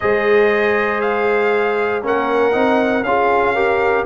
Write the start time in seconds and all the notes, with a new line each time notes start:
0.00 G#3 G#4 C5 D#5
1.00 F5
2.02 A#3 C#4 A#4 F#5
2.51 C4 D#4
3.01 C#4 F4 G#4 F5
3.54 G4 A#4